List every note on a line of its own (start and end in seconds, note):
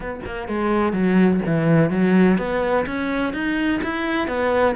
0.00 0.20 B3
0.25 0.48 A#3
0.48 0.92 G#3
0.92 1.40 F#3
1.46 1.90 E3
1.90 2.37 F#3
2.37 2.85 B3
2.86 3.33 C#4
3.33 3.80 D#4
3.83 4.27 E4
4.27 4.75 B3